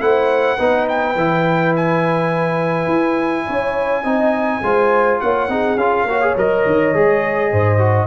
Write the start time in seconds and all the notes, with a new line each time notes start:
0.00 A3 E4 C5 F#5
0.57 B3 D#4 B4
0.88 G5
1.15 E3 E4
1.76 G#5
2.87 E4
3.47 C#4 C#5
4.03 C4 D#4 D#5
4.62 G#3 F4 C5
5.20 A#3 C#5 F#5
5.48 C4 D#4 G#4
5.76 C#4 F4 F5
6.04 A#3 F#4 C#5
6.21 G#4
6.36 F#3 A#4 D#5
6.66 D#3
6.94 G#3 G#4
7.52 G#2 C5
7.78 F#4